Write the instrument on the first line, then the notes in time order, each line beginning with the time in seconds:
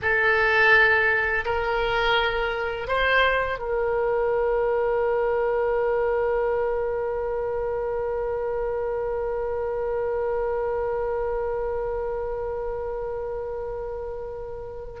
oboe
0.02 A4
1.44 A#4
2.87 C5
3.58 A#4